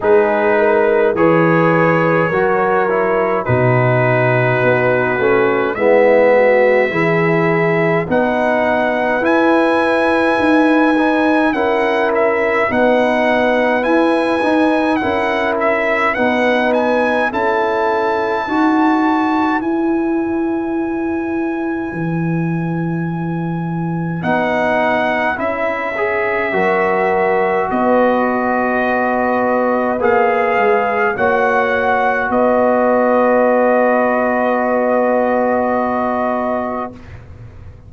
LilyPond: <<
  \new Staff \with { instrumentName = "trumpet" } { \time 4/4 \tempo 4 = 52 b'4 cis''2 b'4~ | b'4 e''2 fis''4 | gis''2 fis''8 e''8 fis''4 | gis''4 fis''8 e''8 fis''8 gis''8 a''4~ |
a''4 gis''2.~ | gis''4 fis''4 e''2 | dis''2 f''4 fis''4 | dis''1 | }
  \new Staff \with { instrumentName = "horn" } { \time 4/4 gis'8 ais'8 b'4 ais'4 fis'4~ | fis'4 e'8 fis'8 gis'4 b'4~ | b'2 ais'4 b'4~ | b'4 ais'4 b'4 a'4 |
b'1~ | b'2. ais'4 | b'2. cis''4 | b'1 | }
  \new Staff \with { instrumentName = "trombone" } { \time 4/4 dis'4 gis'4 fis'8 e'8 dis'4~ | dis'8 cis'8 b4 e'4 dis'4 | e'4. dis'8 e'4 dis'4 | e'8 dis'8 e'4 dis'4 e'4 |
fis'4 e'2.~ | e'4 dis'4 e'8 gis'8 fis'4~ | fis'2 gis'4 fis'4~ | fis'1 | }
  \new Staff \with { instrumentName = "tuba" } { \time 4/4 gis4 e4 fis4 b,4 | b8 a8 gis4 e4 b4 | e'4 dis'4 cis'4 b4 | e'8 dis'8 cis'4 b4 cis'4 |
dis'4 e'2 e4~ | e4 b4 cis'4 fis4 | b2 ais8 gis8 ais4 | b1 | }
>>